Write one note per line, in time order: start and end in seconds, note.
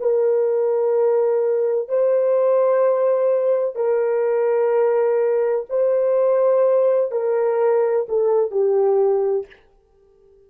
0.00 1.89 A#4
1.89 3.76 C5
3.76 5.66 A#4
5.70 7.12 C5
7.12 8.07 A#4
8.09 8.52 A4
8.52 9.47 G4